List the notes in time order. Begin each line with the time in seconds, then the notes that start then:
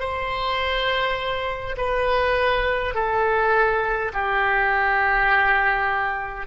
0.00 C5
1.78 B4
2.95 A4
4.13 G4